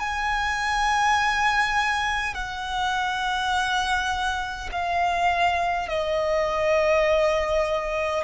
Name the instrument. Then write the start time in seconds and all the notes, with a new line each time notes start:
violin
0.00 G#5
2.34 F#5
4.72 F5
5.88 D#5